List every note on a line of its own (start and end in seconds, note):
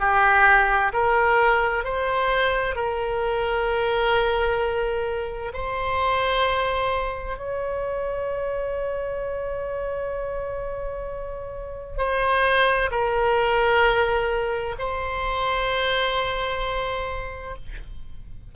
0.00 0.92 G4
0.93 1.85 A#4
1.85 2.76 C5
2.76 5.53 A#4
5.53 7.38 C5
7.38 11.98 C#5
11.98 12.90 C5
12.91 14.76 A#4
14.79 17.56 C5